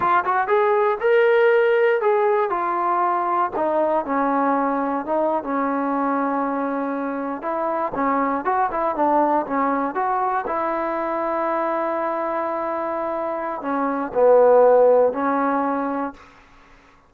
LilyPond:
\new Staff \with { instrumentName = "trombone" } { \time 4/4 \tempo 4 = 119 f'8 fis'8 gis'4 ais'2 | gis'4 f'2 dis'4 | cis'2 dis'8. cis'4~ cis'16~ | cis'2~ cis'8. e'4 cis'16~ |
cis'8. fis'8 e'8 d'4 cis'4 fis'16~ | fis'8. e'2.~ e'16~ | e'2. cis'4 | b2 cis'2 | }